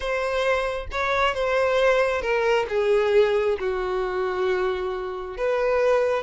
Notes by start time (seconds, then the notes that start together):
0.00 C5
0.91 C#5
1.34 C5
2.21 A#4
2.68 G#4
3.59 F#4
5.37 B4